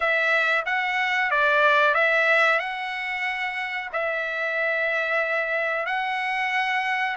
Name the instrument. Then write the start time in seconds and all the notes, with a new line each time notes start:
trumpet
0.00 E5
0.65 F#5
1.30 D5
1.94 E5
2.59 F#5
3.92 E5
5.85 F#5